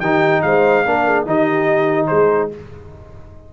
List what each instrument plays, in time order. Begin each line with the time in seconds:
0.00 tuba D#3, trombone D#4, horn G4, trumpet G5
0.42 tuba G#3, horn C5, trumpet F5
0.85 tuba A#3, trombone D4, horn A#4
1.05 horn G#4
1.26 tuba D#3, trombone D#4, horn G4, trumpet D#5
2.07 tuba G#3, horn G#4, trumpet C5